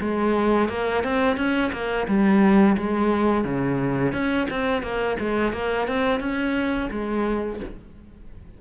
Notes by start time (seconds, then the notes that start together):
0.00 G#3
0.69 A#3
1.03 C4
1.36 C#4
1.72 A#3
2.07 G3
2.77 G#3
3.44 C#3
4.13 C#4
4.50 C4
4.82 A#3
5.19 G#3
5.53 A#3
5.87 C4
6.20 C#4
6.91 G#3